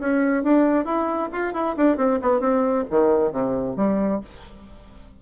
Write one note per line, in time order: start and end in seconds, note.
0.00 0.44 C#4
0.44 0.85 D4
0.85 1.30 E4
1.33 1.54 F4
1.54 1.76 E4
1.77 1.98 D4
1.98 2.20 C4
2.22 2.41 B3
2.41 2.85 C4
2.91 3.32 D#3
3.32 3.77 C3
3.77 4.21 G3